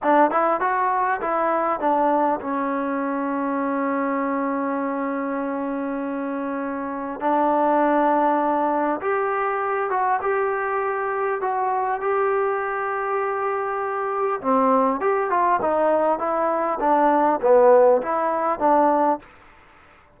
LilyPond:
\new Staff \with { instrumentName = "trombone" } { \time 4/4 \tempo 4 = 100 d'8 e'8 fis'4 e'4 d'4 | cis'1~ | cis'1 | d'2. g'4~ |
g'8 fis'8 g'2 fis'4 | g'1 | c'4 g'8 f'8 dis'4 e'4 | d'4 b4 e'4 d'4 | }